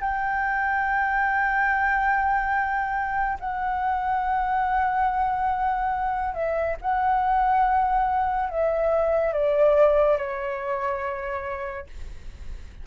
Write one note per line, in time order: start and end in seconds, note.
0.00 3.38 G5
3.40 6.34 F#5
6.34 6.76 E5
6.81 8.49 F#5
8.49 9.33 E5
9.33 10.17 D5
10.17 11.86 C#5